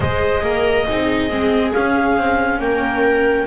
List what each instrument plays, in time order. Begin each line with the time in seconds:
0.00 double bass G#3, viola G#4 C5, clarinet D#5
0.43 double bass A#3, viola A#4
0.86 double bass C4, viola D#4 G#4
1.29 double bass G#3, viola C4
1.73 viola C#4, double bass C#4, clarinet F5
2.16 double bass C4
2.59 double bass A#3, viola A#4, clarinet G5